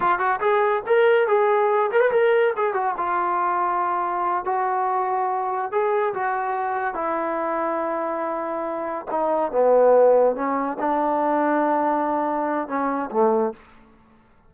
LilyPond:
\new Staff \with { instrumentName = "trombone" } { \time 4/4 \tempo 4 = 142 f'8 fis'8 gis'4 ais'4 gis'4~ | gis'8 ais'16 b'16 ais'4 gis'8 fis'8 f'4~ | f'2~ f'8 fis'4.~ | fis'4. gis'4 fis'4.~ |
fis'8 e'2.~ e'8~ | e'4. dis'4 b4.~ | b8 cis'4 d'2~ d'8~ | d'2 cis'4 a4 | }